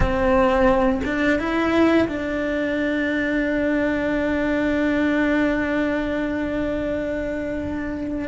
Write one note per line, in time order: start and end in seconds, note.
0.00 1.01 C4
1.04 1.39 D4
1.39 2.08 E4
2.08 8.28 D4